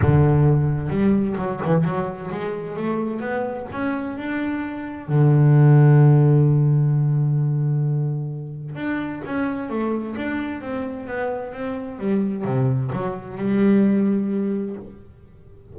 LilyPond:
\new Staff \with { instrumentName = "double bass" } { \time 4/4 \tempo 4 = 130 d2 g4 fis8 e8 | fis4 gis4 a4 b4 | cis'4 d'2 d4~ | d1~ |
d2. d'4 | cis'4 a4 d'4 c'4 | b4 c'4 g4 c4 | fis4 g2. | }